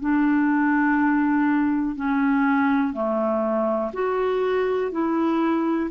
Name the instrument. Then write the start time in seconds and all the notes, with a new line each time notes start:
clarinet
0.00 D4
1.95 C#4
2.93 A3
3.93 F#4
4.92 E4